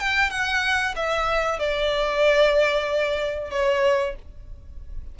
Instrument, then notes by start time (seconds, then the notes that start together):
violin
0.00 G5
0.30 F#5
0.96 E5
1.59 D5
3.51 C#5